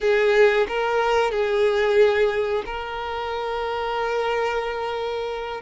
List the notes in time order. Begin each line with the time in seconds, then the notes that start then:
0.01 G#4
0.67 A#4
1.31 G#4
2.65 A#4